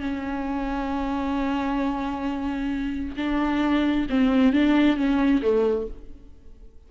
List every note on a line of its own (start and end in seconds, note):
0.00 3.16 C#4
3.16 4.07 D4
4.09 4.53 C4
4.53 4.96 D4
4.96 5.42 C#4
5.42 5.87 A3